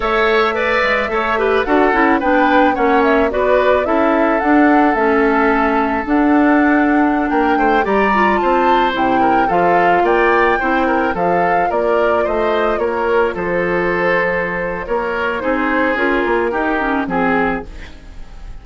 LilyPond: <<
  \new Staff \with { instrumentName = "flute" } { \time 4/4 \tempo 4 = 109 e''2. fis''4 | g''4 fis''8 e''8 d''4 e''4 | fis''4 e''2 fis''4~ | fis''4~ fis''16 g''4 ais''4 a''8.~ |
a''16 g''4 f''4 g''4.~ g''16~ | g''16 f''4 d''4 dis''4 cis''8.~ | cis''16 c''2~ c''8. cis''4 | c''4 ais'2 gis'4 | }
  \new Staff \with { instrumentName = "oboe" } { \time 4/4 cis''4 d''4 cis''8 b'8 a'4 | b'4 cis''4 b'4 a'4~ | a'1~ | a'4~ a'16 ais'8 c''8 d''4 c''8.~ |
c''8. ais'8 a'4 d''4 c''8 ais'16~ | ais'16 a'4 ais'4 c''4 ais'8.~ | ais'16 a'2~ a'8. ais'4 | gis'2 g'4 gis'4 | }
  \new Staff \with { instrumentName = "clarinet" } { \time 4/4 a'4 b'4 a'8 g'8 fis'8 e'8 | d'4 cis'4 fis'4 e'4 | d'4 cis'2 d'4~ | d'2~ d'16 g'8 f'4~ f'16~ |
f'16 e'4 f'2 e'8.~ | e'16 f'2.~ f'8.~ | f'1 | dis'4 f'4 dis'8 cis'8 c'4 | }
  \new Staff \with { instrumentName = "bassoon" } { \time 4/4 a4. gis8 a4 d'8 cis'8 | b4 ais4 b4 cis'4 | d'4 a2 d'4~ | d'4~ d'16 ais8 a8 g4 c'8.~ |
c'16 c4 f4 ais4 c'8.~ | c'16 f4 ais4 a4 ais8.~ | ais16 f2~ f8. ais4 | c'4 cis'8 ais8 dis'4 f4 | }
>>